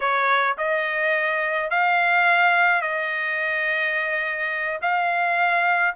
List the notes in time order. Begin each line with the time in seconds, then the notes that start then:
0.00 C#5
0.57 D#5
1.70 F5
2.81 D#5
4.81 F5